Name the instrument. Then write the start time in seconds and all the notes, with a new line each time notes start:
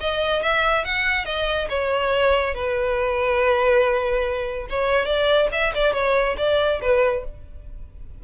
violin
0.00 D#5
0.42 E5
0.85 F#5
1.25 D#5
1.69 C#5
2.54 B4
4.70 C#5
5.05 D5
5.52 E5
5.74 D5
5.93 C#5
6.37 D5
6.81 B4